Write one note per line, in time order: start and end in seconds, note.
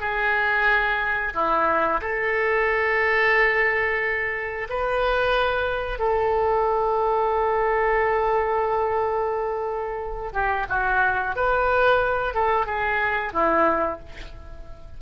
0.00 1.33 G#4
1.34 2.01 E4
2.01 4.68 A4
4.69 5.99 B4
5.99 10.32 A4
10.33 10.66 G4
10.69 11.36 F#4
11.36 12.34 B4
12.34 12.66 A4
12.66 13.33 G#4
13.33 13.99 E4